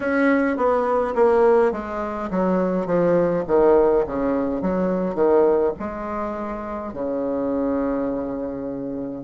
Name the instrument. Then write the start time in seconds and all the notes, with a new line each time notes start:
bassoon
0.00 C#4
0.57 B3
1.15 A#3
1.72 G#3
2.30 F#3
2.86 F3
3.47 D#3
4.06 C#3
4.61 F#3
5.15 D#3
5.78 G#3
6.93 C#3